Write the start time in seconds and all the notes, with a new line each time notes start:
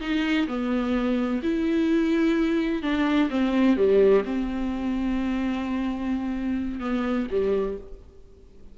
0.00 D#4
0.47 B3
1.42 E4
2.82 D4
3.30 C4
3.77 G3
4.24 C4
6.80 B3
7.30 G3